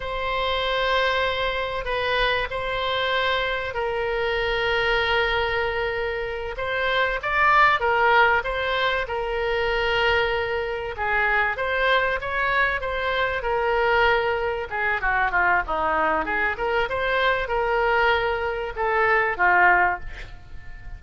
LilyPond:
\new Staff \with { instrumentName = "oboe" } { \time 4/4 \tempo 4 = 96 c''2. b'4 | c''2 ais'2~ | ais'2~ ais'8 c''4 d''8~ | d''8 ais'4 c''4 ais'4.~ |
ais'4. gis'4 c''4 cis''8~ | cis''8 c''4 ais'2 gis'8 | fis'8 f'8 dis'4 gis'8 ais'8 c''4 | ais'2 a'4 f'4 | }